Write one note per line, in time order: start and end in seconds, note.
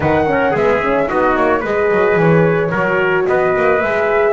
0.00 0.54 D#3
0.00 0.27 D#4
0.00 0.27 B4
0.00 0.56 F#5
0.27 0.54 C#4
0.27 0.51 A#4
0.51 1.09 G#3
0.51 0.81 B3
0.51 1.05 G#4
0.51 1.09 E5
0.81 1.08 C#4
1.08 1.37 B3
1.08 1.62 D#4
1.08 1.60 F#4
1.08 1.36 D#5
1.36 1.64 A#3
1.36 1.63 C#5
1.60 1.91 G#3
1.60 2.72 G#4
1.60 2.69 B4
1.60 2.19 D#5
1.91 2.15 F#3
2.15 2.70 E3
2.15 3.27 C#5
2.71 3.26 F#3
2.71 3.82 F#4
2.71 3.25 A#4
3.27 3.56 B3
3.27 4.33 B4
3.27 3.81 D#5
3.56 3.82 A#3
3.81 4.33 G#3
3.81 4.33 G#4
3.81 4.33 E5